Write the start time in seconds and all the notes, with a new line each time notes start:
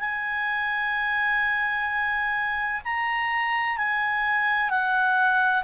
0.00 G#5
2.85 A#5
3.78 G#5
4.70 F#5